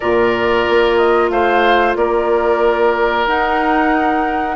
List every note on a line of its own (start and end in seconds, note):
0.00 0.67 A#2
0.00 3.27 F4
0.00 1.31 A#4
0.00 0.96 D5
0.69 1.29 A#3
0.96 1.29 D#5
1.29 1.95 A3
1.29 1.97 C5
1.29 1.95 F5
1.96 3.26 A#3
1.96 4.56 A#4
1.96 3.26 D5
3.26 4.56 D#4
3.26 4.56 F#5